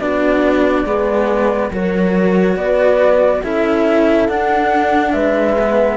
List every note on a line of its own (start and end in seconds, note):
0.00 0.85 B3
0.00 0.87 D4
0.00 0.86 F#4
0.00 1.71 D5
0.85 1.71 G#3
0.85 1.73 B3
0.85 1.72 G#4
1.71 2.56 F#3
1.71 3.44 F#4
1.71 2.57 A#4
1.71 2.57 C#5
2.56 3.42 B3
2.56 3.43 B4
2.56 3.43 D5
3.43 4.29 C#4
3.43 4.29 E4
3.43 5.14 A4
3.43 4.28 E5
4.28 5.14 D4
4.28 5.58 D4
4.28 5.12 F#5
5.12 5.97 G#3
5.12 5.97 B4
5.12 5.97 E5
5.59 5.97 B3